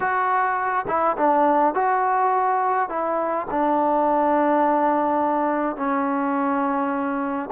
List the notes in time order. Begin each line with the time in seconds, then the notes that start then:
0.00 F#4
0.87 E4
1.17 D4
1.74 F#4
2.89 E4
3.50 D4
5.76 C#4